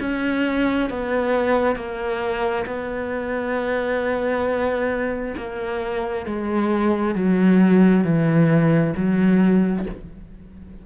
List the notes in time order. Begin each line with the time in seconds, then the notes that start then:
0.00 C#4
0.90 B3
1.75 A#3
2.66 B3
5.36 A#3
6.25 G#3
7.14 F#3
8.04 E3
8.96 F#3